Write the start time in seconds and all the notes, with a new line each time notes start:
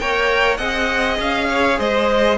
0.00 A#3 A#4 C#5 G5
0.57 C4 G#4 D#5 F#5
1.20 C#4 F5
1.49 C#5
1.79 G#3 C5 D#5